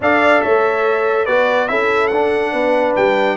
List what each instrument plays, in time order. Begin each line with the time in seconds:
0.00 tuba D4, trombone A4, horn D5, trumpet F5
0.41 tuba A3, horn C#5, trumpet E5
1.25 tuba B3, trombone F#4, horn B4, trumpet D5
1.68 tuba C#4, trombone E4, horn A4, trumpet E5
2.07 tuba D4, trumpet F#5
2.14 trombone D4
2.52 tuba B3, horn B4
2.96 tuba G3, trumpet G5